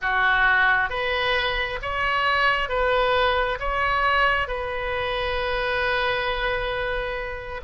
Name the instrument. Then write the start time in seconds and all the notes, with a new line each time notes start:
oboe
0.01 F#4
0.90 B4
1.82 C#5
2.68 B4
3.59 C#5
4.47 B4